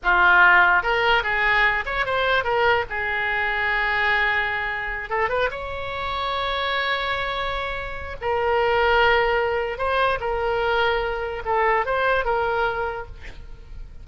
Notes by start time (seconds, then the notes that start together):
0.03 F4
0.83 A#4
1.23 G#4
1.85 C#5
2.05 C5
2.44 A#4
2.89 G#4
5.09 A4
5.29 B4
5.51 C#5
8.21 A#4
9.78 C5
10.20 A#4
11.45 A4
11.85 C5
12.24 A#4